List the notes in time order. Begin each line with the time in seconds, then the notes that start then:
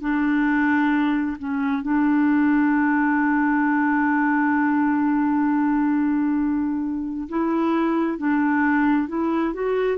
0.00 D4
1.38 C#4
1.82 D4
7.29 E4
8.18 D4
9.08 E4
9.53 F#4